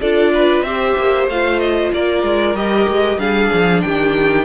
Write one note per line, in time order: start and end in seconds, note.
0.00 0.61 D4
0.00 0.66 F4
0.00 0.32 A4
0.00 0.62 D5
0.34 0.65 B4
0.61 0.93 C4
0.61 1.29 G4
0.61 1.93 C5
0.61 1.26 E5
0.97 1.27 A#3
1.27 1.91 A3
1.27 2.55 F4
1.27 1.59 F5
1.59 1.91 D#5
1.93 2.22 A#3
1.93 3.19 A#4
1.93 2.55 D5
2.22 2.54 G#3
2.54 2.86 G3
2.54 3.18 G4
2.54 3.19 D#5
2.88 3.17 G#3
3.17 3.49 G3
3.17 4.44 D4
3.17 3.83 G#4
3.17 3.81 F5
3.53 3.84 F3
3.81 4.44 D#3
3.81 4.44 G4
3.81 4.44 G5